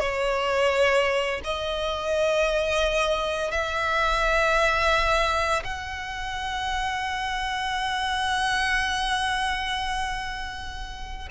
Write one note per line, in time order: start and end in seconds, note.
0.00 1.41 C#5
1.44 3.52 D#5
3.52 5.64 E5
5.64 11.29 F#5